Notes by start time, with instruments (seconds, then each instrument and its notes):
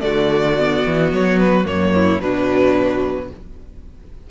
0.00 cello D3, viola A3, violin F#4 D5
0.58 viola B3
0.86 cello E3
1.12 cello F#3, violin C#5
1.38 violin B4
1.65 cello F#2, viola A#3, violin C#5
1.94 violin E4
2.20 cello B2, viola F#3, violin D4 B4